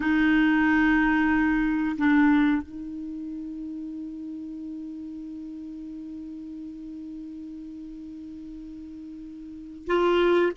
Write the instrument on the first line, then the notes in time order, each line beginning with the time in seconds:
clarinet
0.00 D#4
1.97 D4
2.62 D#4
9.86 F4